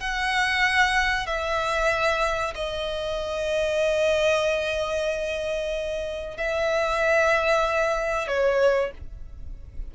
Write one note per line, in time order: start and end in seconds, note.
0.00 1.26 F#5
1.26 2.54 E5
2.55 6.37 D#5
6.37 8.28 E5
8.28 8.92 C#5